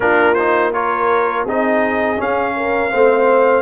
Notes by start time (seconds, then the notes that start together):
0.00 A#3 D4 F4 A#4
0.34 D#4 C5
0.72 F4 A#4 C#5
1.45 C4 D#4 G#4 D#5
2.16 C#4 F5
2.56 A#4
2.91 A3 C4 C5